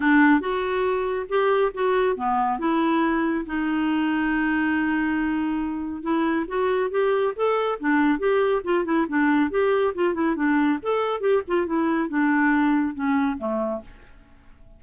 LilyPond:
\new Staff \with { instrumentName = "clarinet" } { \time 4/4 \tempo 4 = 139 d'4 fis'2 g'4 | fis'4 b4 e'2 | dis'1~ | dis'2 e'4 fis'4 |
g'4 a'4 d'4 g'4 | f'8 e'8 d'4 g'4 f'8 e'8 | d'4 a'4 g'8 f'8 e'4 | d'2 cis'4 a4 | }